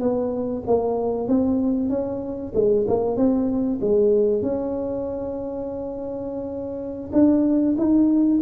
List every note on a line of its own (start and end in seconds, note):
0.00 0.63 B3
0.67 1.28 A#3
1.28 1.90 C4
1.90 2.53 C#4
2.55 2.87 G#3
2.88 3.17 A#3
3.17 3.80 C4
3.82 4.42 G#3
4.42 7.11 C#4
7.13 7.76 D4
7.78 8.41 D#4